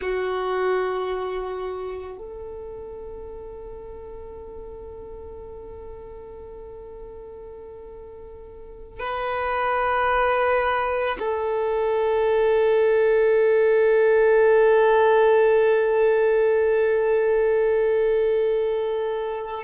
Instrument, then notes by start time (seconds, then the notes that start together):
violin
0.01 F#4
2.18 A4
8.99 B4
11.19 A4